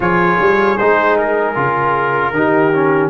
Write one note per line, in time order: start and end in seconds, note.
0.00 0.38 F3
0.00 0.78 F4
0.00 2.33 G#4
0.00 0.77 C#5
0.39 0.78 G3
0.77 1.56 G#3
0.77 1.55 D#4
0.77 1.16 C5
1.17 3.09 A#4
1.55 2.32 C#3
1.55 2.33 F4
2.32 3.09 D#3
2.32 2.73 D#4
2.32 3.09 G4
2.73 3.09 C#4